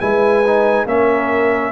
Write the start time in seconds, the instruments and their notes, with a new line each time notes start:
0.00 tuba G#3, trombone E4, horn B4, trumpet G#5
0.47 trombone D#4
0.85 tuba A#3, trombone C#4, horn A#4, trumpet E5